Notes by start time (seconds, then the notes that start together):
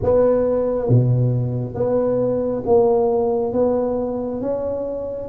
0.02 B3
0.88 B2
1.74 B3
2.65 A#3
3.53 B3
4.41 C#4